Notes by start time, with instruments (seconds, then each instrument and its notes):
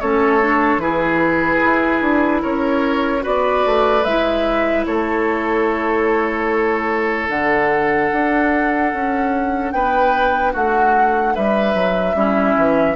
0.00 bassoon A3, clarinet C#4, oboe A4, flute C#5
0.41 clarinet D4
0.77 bassoon E3, clarinet E4, oboe G#4, flute B4
1.64 bassoon E4
2.01 bassoon D4
2.42 bassoon C#4, oboe A#4, flute C#5
3.20 bassoon B3, clarinet F#4, oboe B4, flute D5
3.65 bassoon A3
4.03 bassoon G#3, clarinet E4, flute E5
4.85 bassoon A3, oboe A4, flute C#5
7.28 bassoon D3, clarinet D4, flute F#5
8.12 bassoon D4
8.93 bassoon C#4
9.71 bassoon B3, oboe B4, flute G5
10.52 bassoon A3, oboe F#4, flute F#5
11.35 bassoon G3, oboe B4, flute E5
11.74 bassoon F#3
12.14 bassoon G3, clarinet C#4, oboe E4
12.57 bassoon E3